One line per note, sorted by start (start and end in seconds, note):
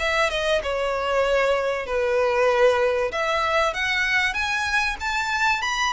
0.00 0.31 E5
0.31 0.62 D#5
0.63 1.87 C#5
1.87 3.12 B4
3.12 3.74 E5
3.74 4.34 F#5
4.34 4.97 G#5
5.01 5.62 A5
5.62 5.93 B5